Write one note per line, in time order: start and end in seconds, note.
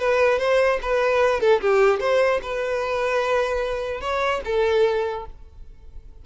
0.00 0.39 B4
0.39 0.80 C5
0.83 1.41 B4
1.41 1.61 A4
1.61 2.01 G4
2.01 2.41 C5
2.43 4.01 B4
4.01 4.41 C#5
4.45 5.26 A4